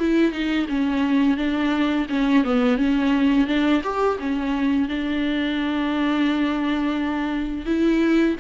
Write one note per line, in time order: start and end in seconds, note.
0.00 0.32 E4
0.32 0.67 D#4
0.69 1.37 C#4
1.37 2.07 D4
2.10 2.45 C#4
2.45 2.78 B3
2.78 3.48 C#4
3.48 3.82 D4
3.84 4.19 G4
4.20 4.89 C#4
4.89 7.66 D4
7.66 8.36 E4